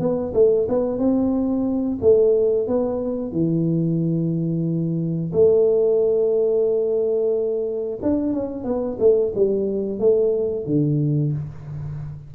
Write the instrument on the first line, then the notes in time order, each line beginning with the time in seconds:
tuba
0.00 B3
0.34 A3
0.69 B3
0.99 C4
2.02 A3
2.68 B3
3.32 E3
5.33 A3
8.03 D4
8.33 C#4
8.65 B3
9.00 A3
9.35 G3
10.00 A3
10.66 D3